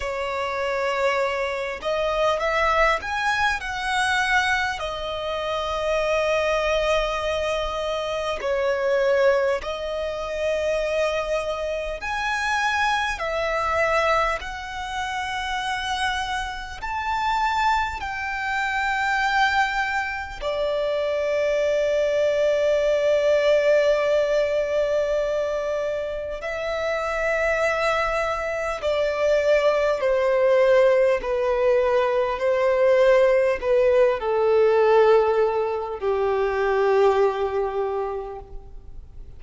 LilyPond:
\new Staff \with { instrumentName = "violin" } { \time 4/4 \tempo 4 = 50 cis''4. dis''8 e''8 gis''8 fis''4 | dis''2. cis''4 | dis''2 gis''4 e''4 | fis''2 a''4 g''4~ |
g''4 d''2.~ | d''2 e''2 | d''4 c''4 b'4 c''4 | b'8 a'4. g'2 | }